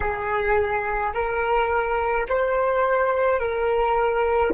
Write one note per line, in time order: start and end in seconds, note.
0.00 1.12 G#4
1.14 2.27 A#4
2.28 3.39 C5
3.39 4.52 A#4